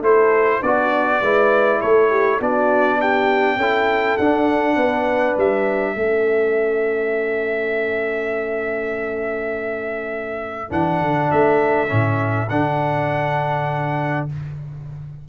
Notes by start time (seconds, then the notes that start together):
0.00 A3 E4 A4 C5
0.59 B3 D4 F#4 D5
1.20 G#3 E4 B4
1.80 A3 A4 C#5
2.09 G4
2.39 B3 D4 F#4 D5
2.99 G4 G5
3.56 C#4 E4 A4
4.17 D4 F#5
4.75 B3 B4
5.37 G3 E5
5.95 A3 C#4 A4
10.70 E3 D4 F#5
11.00 D3
11.31 A3 E5
11.87 A2 C#4
12.49 D3 D4 F#5